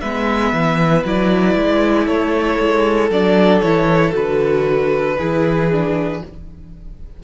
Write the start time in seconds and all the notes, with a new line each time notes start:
0.00 G#3 B3 B4 E5
0.52 E3
1.05 F#3 E4 D5
1.55 G#3
2.05 A3 A4 C#5
2.59 G#3
3.10 F#3 D4 D5
3.60 E3 E4 C#5
4.11 D3 F#4 B4
5.18 E3 E4 G#4
5.71 D4